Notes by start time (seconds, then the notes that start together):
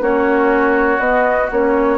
0.00 A#3 C#4 F#4 C#5
0.98 B3 D#5
1.51 A#3 C#4 C#5